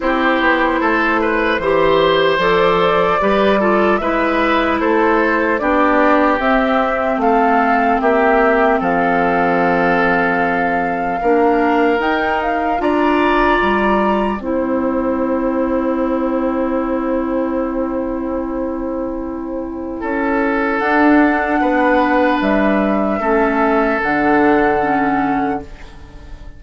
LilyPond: <<
  \new Staff \with { instrumentName = "flute" } { \time 4/4 \tempo 4 = 75 c''2. d''4~ | d''4 e''4 c''4 d''4 | e''4 f''4 e''4 f''4~ | f''2. g''8 f''8 |
ais''2 g''2~ | g''1~ | g''2 fis''2 | e''2 fis''2 | }
  \new Staff \with { instrumentName = "oboe" } { \time 4/4 g'4 a'8 b'8 c''2 | b'8 a'8 b'4 a'4 g'4~ | g'4 a'4 g'4 a'4~ | a'2 ais'2 |
d''2 c''2~ | c''1~ | c''4 a'2 b'4~ | b'4 a'2. | }
  \new Staff \with { instrumentName = "clarinet" } { \time 4/4 e'2 g'4 a'4 | g'8 f'8 e'2 d'4 | c'1~ | c'2 d'4 dis'4 |
f'2 e'2~ | e'1~ | e'2 d'2~ | d'4 cis'4 d'4 cis'4 | }
  \new Staff \with { instrumentName = "bassoon" } { \time 4/4 c'8 b8 a4 e4 f4 | g4 gis4 a4 b4 | c'4 a4 ais4 f4~ | f2 ais4 dis'4 |
d'4 g4 c'2~ | c'1~ | c'4 cis'4 d'4 b4 | g4 a4 d2 | }
>>